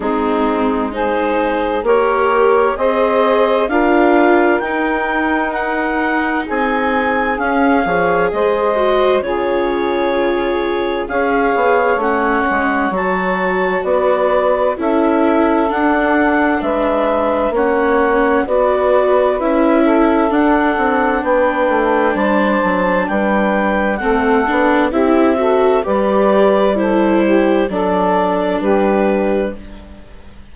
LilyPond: <<
  \new Staff \with { instrumentName = "clarinet" } { \time 4/4 \tempo 4 = 65 gis'4 c''4 ais'4 dis''4 | f''4 g''4 fis''4 gis''4 | f''4 dis''4 cis''2 | f''4 fis''4 a''4 d''4 |
e''4 fis''4 e''4 fis''4 | d''4 e''4 fis''4 g''4 | a''4 g''4 fis''4 e''4 | d''4 c''4 d''4 b'4 | }
  \new Staff \with { instrumentName = "saxophone" } { \time 4/4 dis'4 gis'4 cis''4 c''4 | ais'2. gis'4~ | gis'8 cis''8 c''4 gis'2 | cis''2. b'4 |
a'2 b'4 cis''4 | b'4. a'4. b'4 | c''4 b'4 a'4 g'8 a'8 | b'4 a'8 g'8 a'4 g'4 | }
  \new Staff \with { instrumentName = "viola" } { \time 4/4 c'4 dis'4 g'4 gis'4 | f'4 dis'2. | cis'8 gis'4 fis'8 f'2 | gis'4 cis'4 fis'2 |
e'4 d'2 cis'4 | fis'4 e'4 d'2~ | d'2 c'8 d'8 e'8 fis'8 | g'4 e'4 d'2 | }
  \new Staff \with { instrumentName = "bassoon" } { \time 4/4 gis2 ais4 c'4 | d'4 dis'2 c'4 | cis'8 f8 gis4 cis2 | cis'8 b8 a8 gis8 fis4 b4 |
cis'4 d'4 gis4 ais4 | b4 cis'4 d'8 c'8 b8 a8 | g8 fis8 g4 a8 b8 c'4 | g2 fis4 g4 | }
>>